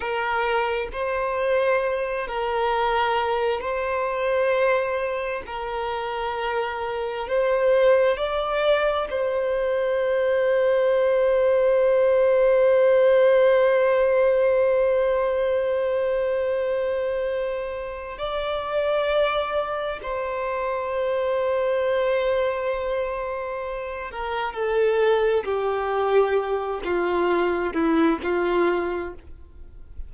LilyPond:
\new Staff \with { instrumentName = "violin" } { \time 4/4 \tempo 4 = 66 ais'4 c''4. ais'4. | c''2 ais'2 | c''4 d''4 c''2~ | c''1~ |
c''1 | d''2 c''2~ | c''2~ c''8 ais'8 a'4 | g'4. f'4 e'8 f'4 | }